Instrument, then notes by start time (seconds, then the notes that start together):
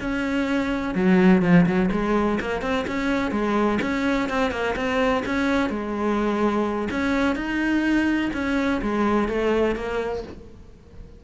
cello
0.00 C#4
0.95 F#3
1.42 F3
1.66 F#3
1.92 G#3
2.40 A#3
2.61 C4
2.87 C#4
3.31 G#3
3.82 C#4
4.29 C4
4.51 A#3
4.76 C4
5.26 C#4
5.69 G#3
6.91 C#4
7.35 D#4
8.33 C#4
8.82 G#3
9.28 A3
9.76 A#3